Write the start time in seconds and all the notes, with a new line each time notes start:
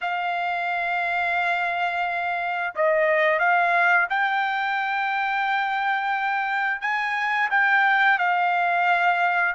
0.01 F5
2.75 D#5
3.39 F5
4.09 G5
6.81 G#5
7.50 G5
8.18 F5